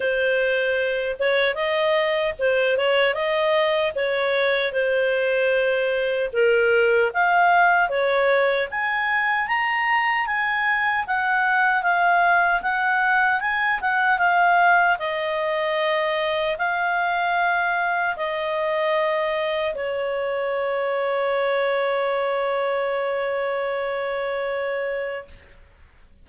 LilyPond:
\new Staff \with { instrumentName = "clarinet" } { \time 4/4 \tempo 4 = 76 c''4. cis''8 dis''4 c''8 cis''8 | dis''4 cis''4 c''2 | ais'4 f''4 cis''4 gis''4 | ais''4 gis''4 fis''4 f''4 |
fis''4 gis''8 fis''8 f''4 dis''4~ | dis''4 f''2 dis''4~ | dis''4 cis''2.~ | cis''1 | }